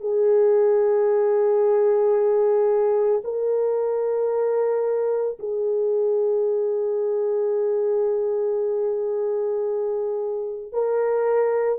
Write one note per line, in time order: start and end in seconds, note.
0.00 3.21 G#4
3.24 5.38 A#4
5.39 10.72 G#4
10.72 11.79 A#4